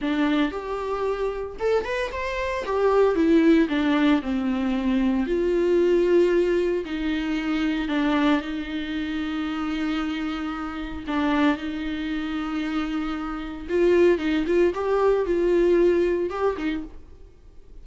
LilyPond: \new Staff \with { instrumentName = "viola" } { \time 4/4 \tempo 4 = 114 d'4 g'2 a'8 b'8 | c''4 g'4 e'4 d'4 | c'2 f'2~ | f'4 dis'2 d'4 |
dis'1~ | dis'4 d'4 dis'2~ | dis'2 f'4 dis'8 f'8 | g'4 f'2 g'8 dis'8 | }